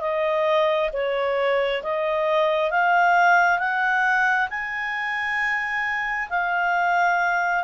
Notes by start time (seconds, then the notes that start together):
0.00 D#5
0.92 C#5
1.82 D#5
2.70 F5
3.59 F#5
4.49 G#5
6.29 F5